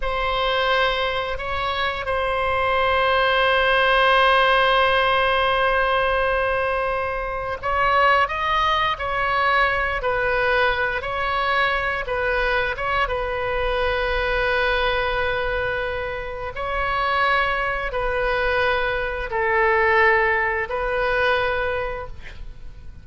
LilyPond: \new Staff \with { instrumentName = "oboe" } { \time 4/4 \tempo 4 = 87 c''2 cis''4 c''4~ | c''1~ | c''2. cis''4 | dis''4 cis''4. b'4. |
cis''4. b'4 cis''8 b'4~ | b'1 | cis''2 b'2 | a'2 b'2 | }